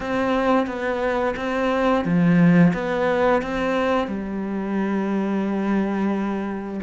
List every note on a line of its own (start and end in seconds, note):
0.00 0.66 C4
0.66 1.35 B3
1.36 2.04 C4
2.05 2.73 F3
2.73 3.42 B3
3.42 4.07 C4
4.07 6.80 G3